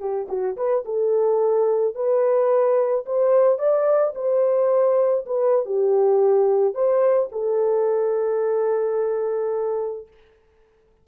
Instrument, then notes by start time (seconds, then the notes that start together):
horn
0.00 G4
0.29 F#4
0.57 B4
0.85 A4
1.95 B4
3.07 C5
3.59 D5
4.16 C5
5.26 B4
5.66 G4
6.75 C5
7.32 A4